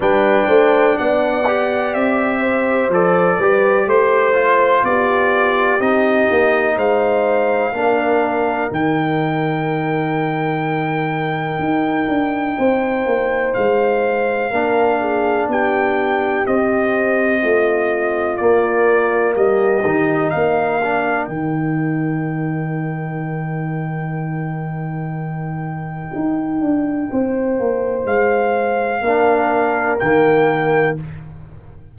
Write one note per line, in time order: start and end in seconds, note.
0.00 0.46 G3
0.00 1.44 D4
0.00 0.47 B4
0.00 0.98 G5
0.47 0.97 A3
0.47 0.96 C5
0.98 1.94 B3
0.98 2.40 D5
0.98 1.94 F#5
1.46 2.91 G4
1.94 2.89 C4
1.94 2.91 E5
2.40 3.36 C5
2.89 3.37 F3
2.89 3.41 A4
2.89 3.89 D5
3.37 3.86 G3
3.37 4.34 G4
3.37 3.85 B4
3.86 4.82 A3
3.86 4.85 C5
3.86 4.84 C5
4.34 5.79 F4
4.83 5.79 B3
4.83 6.76 G4
4.83 5.80 D5
5.79 6.27 C4
5.79 7.73 D#4
5.79 6.77 D#5
6.30 6.76 A#3
6.76 7.73 G#3
6.76 7.73 C5
6.76 8.71 F5
7.73 8.69 A#3
7.73 8.70 D4
7.73 12.58 A#4
8.70 11.58 D#3
8.70 14.50 D#4
8.70 13.53 G5
11.58 12.07 D#4
12.08 12.56 D4
12.58 13.06 C4
12.58 14.50 C5
13.06 13.54 A#3
13.53 14.51 G#3
13.53 15.47 F5
14.50 15.48 A#3
14.50 16.45 D4
14.50 14.99 A#4
14.99 15.48 G#4
15.48 16.45 B3
15.48 17.42 G4
15.48 16.46 G5
16.45 18.38 C4
16.45 17.42 C4
16.45 18.36 D#5
17.42 18.39 A3
17.42 19.35 F4
18.36 19.83 A#3
18.36 19.35 A#3
18.36 19.33 D5
19.35 19.83 G3
19.35 20.32 G4
19.35 20.30 D#5
19.84 20.33 D#3
19.84 20.81 D#4
20.30 21.27 A#3
20.30 27.10 A#4
20.30 21.25 F5
20.82 21.29 D4
21.25 26.11 D#3
21.25 29.03 D#4
21.25 28.02 G5
26.15 26.60 D#4
26.60 27.09 D4
27.10 27.59 C4
27.10 29.04 C5
27.59 28.05 A#3
28.05 29.01 G#3
28.05 29.99 F5
29.01 29.98 A#3
29.01 30.00 D4
29.01 30.97 A#4
29.99 30.98 D#3
29.99 30.97 A#3
29.99 30.96 G5